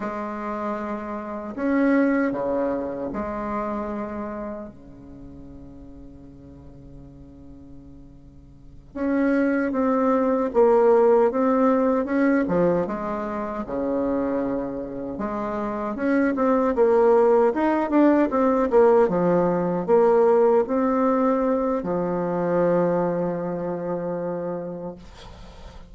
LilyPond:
\new Staff \with { instrumentName = "bassoon" } { \time 4/4 \tempo 4 = 77 gis2 cis'4 cis4 | gis2 cis2~ | cis2.~ cis8 cis'8~ | cis'8 c'4 ais4 c'4 cis'8 |
f8 gis4 cis2 gis8~ | gis8 cis'8 c'8 ais4 dis'8 d'8 c'8 | ais8 f4 ais4 c'4. | f1 | }